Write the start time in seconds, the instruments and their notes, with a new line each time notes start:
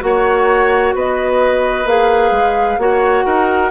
0.00 bassoon A#3, clarinet F#4, oboe C#5, flute F#5
0.94 bassoon B3, oboe B4, flute D#5
1.85 bassoon A#3, clarinet G#4, flute F5
2.31 bassoon G#3
2.78 bassoon A#3, clarinet F#4, oboe C#5, flute F#5
3.25 bassoon D#4, oboe A#4